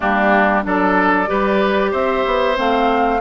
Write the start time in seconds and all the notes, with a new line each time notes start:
0.00 G3 A#3 D4 G4
0.62 F#3 D4 A4 D5
1.26 G3 G4 B4
1.91 C4 C5 E5
2.25 B3
2.55 A3 C4 F5